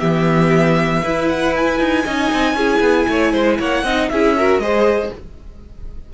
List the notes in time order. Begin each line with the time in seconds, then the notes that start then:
0.00 E3 B3 G4 E5
1.02 E4 B4
1.29 F#5
1.56 G#5
1.79 D#4
2.05 C#4 D#4 D#5
2.33 C4
2.54 C#4 E4 G#4
2.80 B3
3.08 A3 C#5
3.32 G#3 C5
3.59 A#3 C#5 F#5
3.84 C4 D#4 D#5
4.09 C#4 E4 G#4 E5
4.37 F#4 A#4
4.59 G#3 G#4 C5 D#5